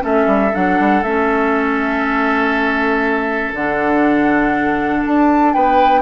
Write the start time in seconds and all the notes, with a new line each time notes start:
0.00 A3 C#4 A4 E5
0.27 G3
0.53 F#3 D4 F#5
0.80 G3
1.03 A3 C#4 E5
3.53 D3 D4 F#5
5.05 D4 A5
5.53 B3 B4 G5